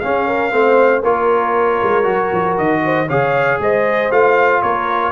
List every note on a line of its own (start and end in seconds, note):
0.00 0.51 C#4
0.00 0.27 G#4
0.00 1.03 F5
0.27 0.52 A#4
0.51 1.03 A3
0.51 1.02 C4
0.51 1.02 C5
1.02 1.80 A#3
1.02 2.03 F4
1.02 2.82 A#4
1.02 2.57 C#5
1.83 2.05 G#3
2.03 2.31 F#3
2.03 3.06 F#4
2.32 2.58 F3
2.58 3.09 D#3
2.58 3.09 D#5
2.85 3.07 C5
3.07 3.60 C#3
3.07 4.11 G#4
3.07 3.59 C#5
3.07 3.60 F5
3.60 4.11 G#3
3.60 4.63 C5
3.60 4.12 D#5
4.11 4.62 A3
4.11 5.12 F4
4.11 4.62 F5
4.62 5.12 A#3
4.62 5.12 A#4
4.62 5.12 C#5